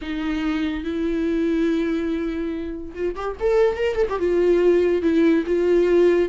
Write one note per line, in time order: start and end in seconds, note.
0.01 0.84 D#4
0.84 2.93 E4
2.94 3.15 F4
3.15 3.36 G4
3.40 3.76 A4
3.76 3.96 A#4
3.96 4.06 A4
4.09 4.19 G4
4.19 5.02 F4
5.02 5.44 E4
5.46 6.28 F4